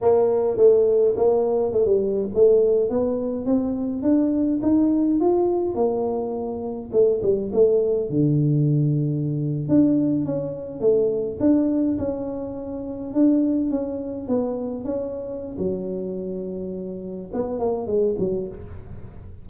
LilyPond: \new Staff \with { instrumentName = "tuba" } { \time 4/4 \tempo 4 = 104 ais4 a4 ais4 a16 g8. | a4 b4 c'4 d'4 | dis'4 f'4 ais2 | a8 g8 a4 d2~ |
d8. d'4 cis'4 a4 d'16~ | d'8. cis'2 d'4 cis'16~ | cis'8. b4 cis'4~ cis'16 fis4~ | fis2 b8 ais8 gis8 fis8 | }